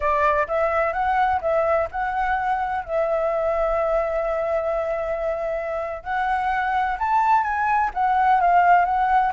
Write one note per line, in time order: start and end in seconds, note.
0.00 0.47 D5
0.47 0.92 E5
0.92 1.40 F#5
1.41 1.88 E5
1.91 2.84 F#5
2.84 6.03 E5
6.03 6.97 F#5
6.98 7.43 A5
7.43 7.90 G#5
7.94 8.41 F#5
8.41 8.85 F5
8.85 9.32 F#5